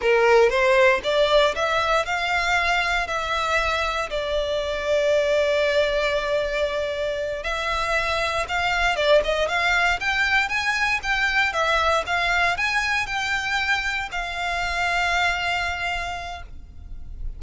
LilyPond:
\new Staff \with { instrumentName = "violin" } { \time 4/4 \tempo 4 = 117 ais'4 c''4 d''4 e''4 | f''2 e''2 | d''1~ | d''2~ d''8 e''4.~ |
e''8 f''4 d''8 dis''8 f''4 g''8~ | g''8 gis''4 g''4 e''4 f''8~ | f''8 gis''4 g''2 f''8~ | f''1 | }